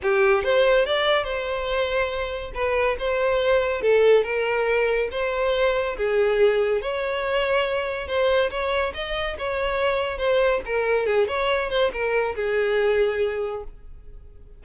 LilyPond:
\new Staff \with { instrumentName = "violin" } { \time 4/4 \tempo 4 = 141 g'4 c''4 d''4 c''4~ | c''2 b'4 c''4~ | c''4 a'4 ais'2 | c''2 gis'2 |
cis''2. c''4 | cis''4 dis''4 cis''2 | c''4 ais'4 gis'8 cis''4 c''8 | ais'4 gis'2. | }